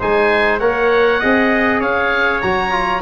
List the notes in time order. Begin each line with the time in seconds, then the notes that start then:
0.00 G#3 D#4 C5 G#5
0.60 A#3 A#4 C#5 F#5
1.20 C4 G#4 D#5
1.81 C#4 C#5 F5
2.42 F#3 F#4 A#5
2.71 F4